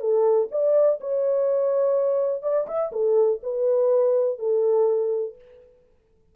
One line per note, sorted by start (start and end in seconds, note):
0.00 0.48 A4
0.51 0.99 D5
1.00 2.42 C#5
2.42 2.67 D5
2.67 2.91 E5
2.92 3.40 A4
3.43 4.39 B4
4.39 5.35 A4